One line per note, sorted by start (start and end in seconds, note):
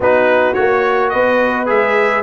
0.00 0.55 B3
0.00 0.55 D#4
0.00 1.11 F#4
0.00 0.54 B4
0.54 1.14 A#3
0.54 1.66 F#4
0.54 1.09 C#5
1.09 1.70 B3
1.09 2.23 B4
1.09 1.66 D#5
1.66 2.23 G#3
1.66 2.23 G#4
1.66 2.23 E5